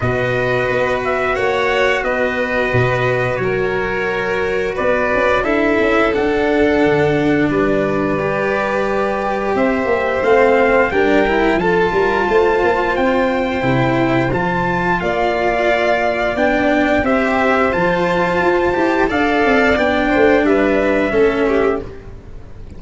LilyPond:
<<
  \new Staff \with { instrumentName = "trumpet" } { \time 4/4 \tempo 4 = 88 dis''4. e''8 fis''4 dis''4~ | dis''4 cis''2 d''4 | e''4 fis''2 d''4~ | d''2 e''4 f''4 |
g''4 a''2 g''4~ | g''4 a''4 f''2 | g''4 e''4 a''2 | f''4 g''4 e''2 | }
  \new Staff \with { instrumentName = "violin" } { \time 4/4 b'2 cis''4 b'4~ | b'4 ais'2 b'4 | a'2. b'4~ | b'2 c''2 |
ais'4 a'8 ais'8 c''2~ | c''2 d''2~ | d''4 c''2. | d''4. c''8 b'4 a'8 g'8 | }
  \new Staff \with { instrumentName = "cello" } { \time 4/4 fis'1~ | fis'1 | e'4 d'2. | g'2. c'4 |
d'8 e'8 f'2. | e'4 f'2. | d'4 g'4 f'4. g'8 | a'4 d'2 cis'4 | }
  \new Staff \with { instrumentName = "tuba" } { \time 4/4 b,4 b4 ais4 b4 | b,4 fis2 b8 cis'8 | d'8 cis'8 d'4 d4 g4~ | g2 c'8 ais8 a4 |
g4 f8 g8 a8 ais8 c'4 | c4 f4 ais2 | b4 c'4 f4 f'8 e'8 | d'8 c'8 b8 a8 g4 a4 | }
>>